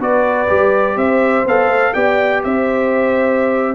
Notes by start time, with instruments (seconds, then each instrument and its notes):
0.00 tuba B3, trombone F#4, horn B4, trumpet D5
0.48 tuba G3, trombone G4
0.97 tuba C4, horn C5, trumpet E5
1.46 tuba B3, trombone A4, trumpet F5
1.68 tuba A3
1.94 tuba B3, trombone G4, horn D5, trumpet G5
2.44 tuba C4, horn C5, trumpet E5